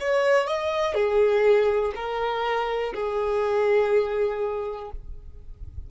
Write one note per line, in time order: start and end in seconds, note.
0.00 0.47 C#5
0.47 0.94 D#5
0.94 1.93 G#4
1.95 2.94 A#4
2.94 4.91 G#4